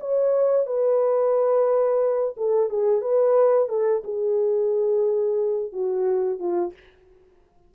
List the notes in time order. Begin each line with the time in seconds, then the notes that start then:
0.00 C#5
0.66 B4
2.37 A4
2.70 G#4
3.02 B4
3.69 A4
4.04 G#4
5.72 F#4
6.40 F4